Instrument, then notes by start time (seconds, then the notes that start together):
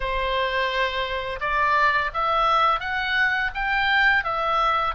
oboe
0.00 C5
1.40 D5
2.13 E5
2.80 F#5
3.54 G5
4.24 E5